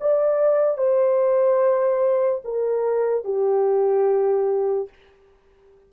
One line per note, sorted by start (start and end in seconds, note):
0.00 0.77 D5
0.77 2.41 C5
2.44 3.24 A#4
3.24 4.88 G4